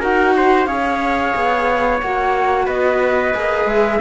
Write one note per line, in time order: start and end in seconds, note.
0.00 0.66 D#4
0.00 0.67 F#4
0.00 0.33 A#4
0.00 0.66 F#5
0.37 0.68 C5
0.66 1.33 C#4
0.66 2.00 G#4
0.66 2.66 C#5
0.66 1.99 F5
1.35 2.02 B3
2.01 2.67 A#3
2.01 3.34 F#4
2.01 2.67 F#5
2.66 3.34 B3
2.66 3.99 B4
2.66 3.68 D#5
3.34 3.65 A#3
3.34 4.01 G#4
3.65 3.98 G#3
3.65 4.01 E5